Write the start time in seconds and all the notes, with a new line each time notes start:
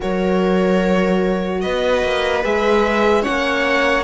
0.00 F#3 F#4 A#4 C#5
1.61 B3 B4 D#5
2.03 A#3
2.43 G#3 G#4 E5
3.22 A#3 C#4 C#5 F#5